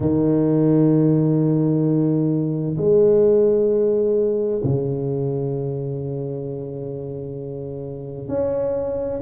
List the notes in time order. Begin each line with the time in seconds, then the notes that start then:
0.00 D#3
2.77 G#3
4.63 C#3
8.27 C#4